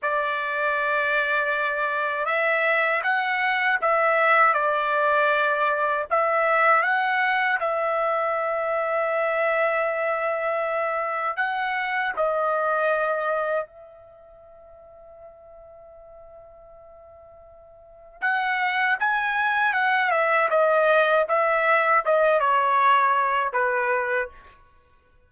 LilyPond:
\new Staff \with { instrumentName = "trumpet" } { \time 4/4 \tempo 4 = 79 d''2. e''4 | fis''4 e''4 d''2 | e''4 fis''4 e''2~ | e''2. fis''4 |
dis''2 e''2~ | e''1 | fis''4 gis''4 fis''8 e''8 dis''4 | e''4 dis''8 cis''4. b'4 | }